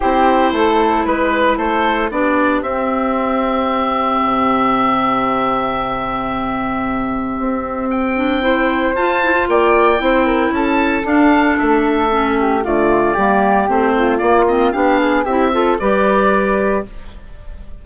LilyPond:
<<
  \new Staff \with { instrumentName = "oboe" } { \time 4/4 \tempo 4 = 114 c''2 b'4 c''4 | d''4 e''2.~ | e''1~ | e''2. g''4~ |
g''4 a''4 g''2 | a''4 f''4 e''2 | d''2 c''4 d''8 dis''8 | f''4 e''4 d''2 | }
  \new Staff \with { instrumentName = "flute" } { \time 4/4 g'4 a'4 b'4 a'4 | g'1~ | g'1~ | g'1 |
c''2 d''4 c''8 ais'8 | a'2.~ a'8 g'8 | f'4 g'4. f'4. | g'8 gis'8 g'8 a'8 b'2 | }
  \new Staff \with { instrumentName = "clarinet" } { \time 4/4 e'1 | d'4 c'2.~ | c'1~ | c'2.~ c'8 d'8 |
e'4 f'8 e'16 f'4~ f'16 e'4~ | e'4 d'2 cis'4 | a4 ais4 c'4 ais8 c'8 | d'4 e'8 f'8 g'2 | }
  \new Staff \with { instrumentName = "bassoon" } { \time 4/4 c'4 a4 gis4 a4 | b4 c'2. | c1~ | c2 c'2~ |
c'4 f'4 ais4 c'4 | cis'4 d'4 a2 | d4 g4 a4 ais4 | b4 c'4 g2 | }
>>